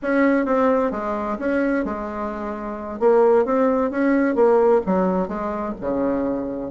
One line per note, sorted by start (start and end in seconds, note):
0.02 0.45 C#4
0.45 0.91 C4
0.91 1.37 G#3
1.38 1.84 C#4
1.84 2.99 G#3
2.99 3.45 A#3
3.45 3.91 C4
3.91 4.35 C#4
4.35 4.81 A#3
4.86 5.28 F#3
5.28 5.74 G#3
5.80 6.71 C#3